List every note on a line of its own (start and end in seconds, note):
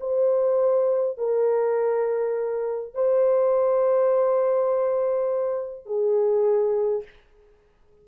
0.00 1.17 C5
1.17 2.94 A#4
2.94 5.86 C5
5.86 7.03 G#4